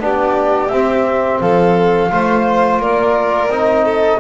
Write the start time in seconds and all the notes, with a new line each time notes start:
0.00 B3 D4 G4 D5
0.69 C4 E5
1.40 F3 A4 F5
2.11 A3 F4 C5
2.78 A#3 A#4 D5
3.48 C4 D#4 D#5
3.85 A4